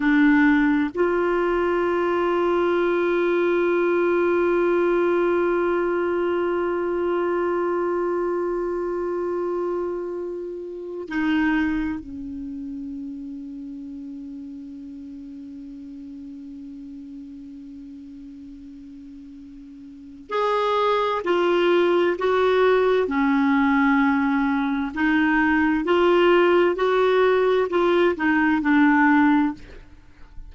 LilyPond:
\new Staff \with { instrumentName = "clarinet" } { \time 4/4 \tempo 4 = 65 d'4 f'2.~ | f'1~ | f'1 | dis'4 cis'2.~ |
cis'1~ | cis'2 gis'4 f'4 | fis'4 cis'2 dis'4 | f'4 fis'4 f'8 dis'8 d'4 | }